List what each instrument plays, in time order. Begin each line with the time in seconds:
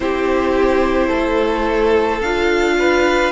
0.00 cello C4, viola E4, violin G4 C5
1.07 cello A3, violin A4
2.20 cello D4, viola F4, violin F5
2.78 violin B4